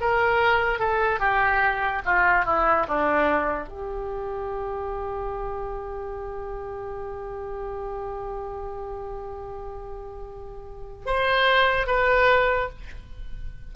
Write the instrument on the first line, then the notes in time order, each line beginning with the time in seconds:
oboe
0.00 A#4
0.79 A4
1.19 G4
2.05 F4
2.45 E4
2.88 D4
3.68 G4
11.05 C5
11.87 B4